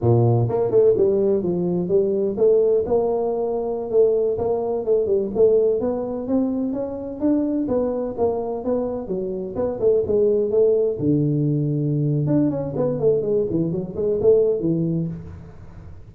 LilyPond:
\new Staff \with { instrumentName = "tuba" } { \time 4/4 \tempo 4 = 127 ais,4 ais8 a8 g4 f4 | g4 a4 ais2~ | ais16 a4 ais4 a8 g8 a8.~ | a16 b4 c'4 cis'4 d'8.~ |
d'16 b4 ais4 b4 fis8.~ | fis16 b8 a8 gis4 a4 d8.~ | d2 d'8 cis'8 b8 a8 | gis8 e8 fis8 gis8 a4 e4 | }